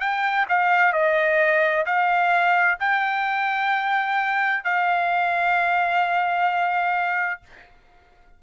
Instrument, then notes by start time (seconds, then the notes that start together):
trumpet
0.00 G5
0.49 F5
0.93 D#5
1.86 F5
2.80 G5
4.64 F5